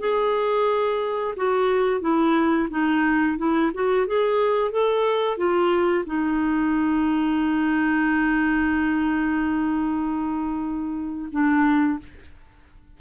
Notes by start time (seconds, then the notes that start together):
0.00 G#4
1.37 F#4
2.01 E4
2.71 D#4
3.38 E4
3.74 F#4
4.08 G#4
4.72 A4
5.37 F4
6.07 D#4
11.32 D4